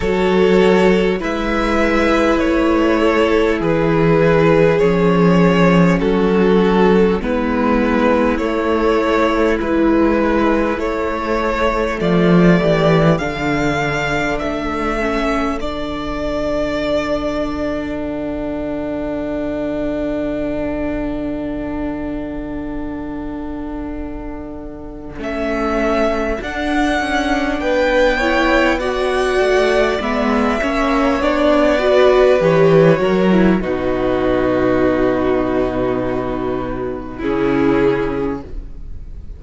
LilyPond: <<
  \new Staff \with { instrumentName = "violin" } { \time 4/4 \tempo 4 = 50 cis''4 e''4 cis''4 b'4 | cis''4 a'4 b'4 cis''4 | b'4 cis''4 d''4 f''4 | e''4 d''2 fis''4~ |
fis''1~ | fis''4 e''4 fis''4 g''4 | fis''4 e''4 d''4 cis''4 | b'2. gis'4 | }
  \new Staff \with { instrumentName = "violin" } { \time 4/4 a'4 b'4. a'8 gis'4~ | gis'4 fis'4 e'2~ | e'2 f'8 g'8 a'4~ | a'1~ |
a'1~ | a'2. b'8 cis''8 | d''4. cis''4 b'4 ais'8 | fis'2. e'4 | }
  \new Staff \with { instrumentName = "viola" } { \time 4/4 fis'4 e'2. | cis'2 b4 a4 | e4 a2 d'4~ | d'8 cis'8 d'2.~ |
d'1~ | d'4 cis'4 d'4. e'8 | fis'4 b8 cis'8 d'8 fis'8 g'8 fis'16 e'16 | dis'2. cis'4 | }
  \new Staff \with { instrumentName = "cello" } { \time 4/4 fis4 gis4 a4 e4 | f4 fis4 gis4 a4 | gis4 a4 f8 e8 d4 | a4 d2.~ |
d1~ | d4 a4 d'8 cis'8 b4~ | b8 a8 gis8 ais8 b4 e8 fis8 | b,2. cis4 | }
>>